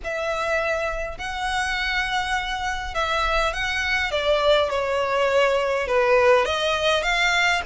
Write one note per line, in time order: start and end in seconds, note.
0.04 1.18 E5
1.18 2.94 F#5
2.94 3.53 E5
3.53 4.11 F#5
4.11 4.70 D5
4.70 5.87 C#5
5.87 6.45 B4
6.45 7.02 D#5
7.02 7.61 F5